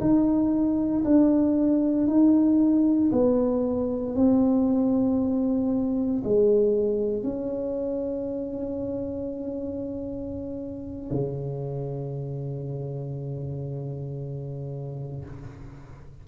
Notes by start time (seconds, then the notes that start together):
0.00 D#4
1.04 D4
2.07 D#4
3.12 B3
4.15 C4
6.24 G#3
7.23 C#4
11.10 C#3